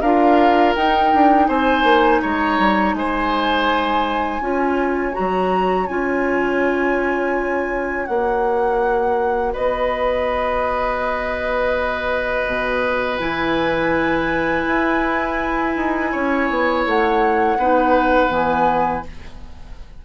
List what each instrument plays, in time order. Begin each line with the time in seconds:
0.00 bassoon D4, clarinet F4, oboe A#4, flute F5
0.75 bassoon D#4, clarinet D#4, flute G5
1.13 bassoon D4
1.48 bassoon C4, oboe C5, flute G#5
1.83 bassoon A#3
2.21 bassoon G#3, oboe C#5, flute A#5
2.58 bassoon G3
2.93 bassoon G#3, oboe C5, flute G#5
4.40 bassoon C#4, clarinet F4, oboe C#5
5.12 clarinet F#4, flute A#5
5.19 bassoon F#3
5.86 bassoon C#4, clarinet F4, flute G#5
8.05 bassoon A#3, clarinet F#4, flute F#5
9.52 bassoon B3, oboe B4, flute D#5
12.46 bassoon B2
13.17 bassoon E3, clarinet E4, flute G#5
14.66 bassoon E4
15.76 bassoon D#4
16.11 bassoon C#4, oboe C#5
16.49 bassoon B3
16.85 bassoon A3, flute F#5
17.57 bassoon B3, clarinet D#4, oboe B4
18.28 bassoon E3, clarinet B3, flute G#5